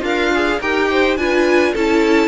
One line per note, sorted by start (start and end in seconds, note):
0.00 0.59 D4
0.00 0.57 F4
0.00 0.32 A#4
0.00 0.61 F5
0.34 0.62 G#4
0.60 1.17 D#4
0.60 1.18 G4
0.60 0.89 A#4
0.60 1.17 G5
0.90 1.18 C5
1.17 1.74 D4
1.17 1.75 F4
1.17 1.73 B4
1.17 1.74 G#5
1.73 2.27 C#4
1.73 2.27 E4
1.73 2.27 A4
1.73 2.27 A5